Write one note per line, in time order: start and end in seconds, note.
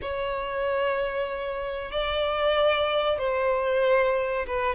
0.01 1.91 C#5
1.91 3.18 D5
3.18 4.46 C5
4.47 4.75 B4